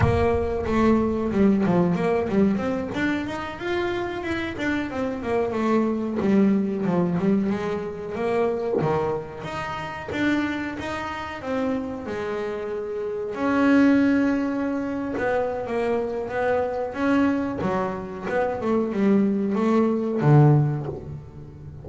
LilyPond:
\new Staff \with { instrumentName = "double bass" } { \time 4/4 \tempo 4 = 92 ais4 a4 g8 f8 ais8 g8 | c'8 d'8 dis'8 f'4 e'8 d'8 c'8 | ais8 a4 g4 f8 g8 gis8~ | gis8 ais4 dis4 dis'4 d'8~ |
d'8 dis'4 c'4 gis4.~ | gis8 cis'2~ cis'8. b8. | ais4 b4 cis'4 fis4 | b8 a8 g4 a4 d4 | }